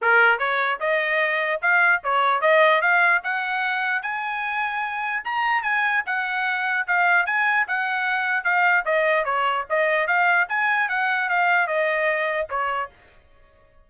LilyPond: \new Staff \with { instrumentName = "trumpet" } { \time 4/4 \tempo 4 = 149 ais'4 cis''4 dis''2 | f''4 cis''4 dis''4 f''4 | fis''2 gis''2~ | gis''4 ais''4 gis''4 fis''4~ |
fis''4 f''4 gis''4 fis''4~ | fis''4 f''4 dis''4 cis''4 | dis''4 f''4 gis''4 fis''4 | f''4 dis''2 cis''4 | }